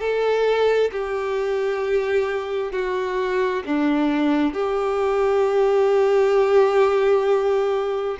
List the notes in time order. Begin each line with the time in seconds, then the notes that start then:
0.00 A4
0.92 G4
2.72 F#4
3.66 D4
4.53 G4